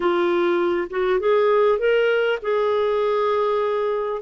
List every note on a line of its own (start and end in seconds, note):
0.00 0.88 F4
0.90 1.19 F#4
1.19 1.78 G#4
1.78 2.38 A#4
2.42 4.21 G#4